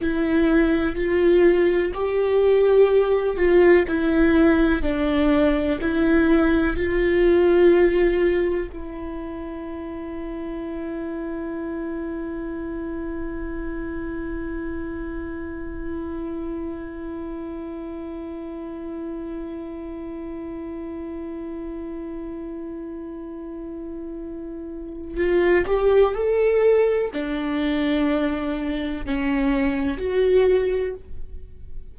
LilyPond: \new Staff \with { instrumentName = "viola" } { \time 4/4 \tempo 4 = 62 e'4 f'4 g'4. f'8 | e'4 d'4 e'4 f'4~ | f'4 e'2.~ | e'1~ |
e'1~ | e'1~ | e'2 f'8 g'8 a'4 | d'2 cis'4 fis'4 | }